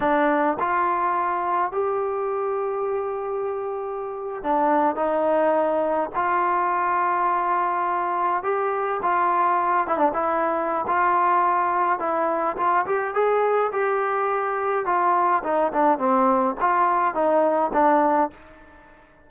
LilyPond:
\new Staff \with { instrumentName = "trombone" } { \time 4/4 \tempo 4 = 105 d'4 f'2 g'4~ | g'2.~ g'8. d'16~ | d'8. dis'2 f'4~ f'16~ | f'2~ f'8. g'4 f'16~ |
f'4~ f'16 e'16 d'16 e'4~ e'16 f'4~ | f'4 e'4 f'8 g'8 gis'4 | g'2 f'4 dis'8 d'8 | c'4 f'4 dis'4 d'4 | }